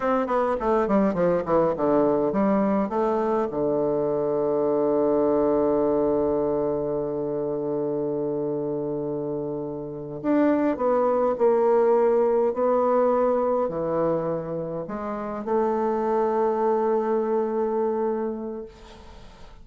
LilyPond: \new Staff \with { instrumentName = "bassoon" } { \time 4/4 \tempo 4 = 103 c'8 b8 a8 g8 f8 e8 d4 | g4 a4 d2~ | d1~ | d1~ |
d4. d'4 b4 ais8~ | ais4. b2 e8~ | e4. gis4 a4.~ | a1 | }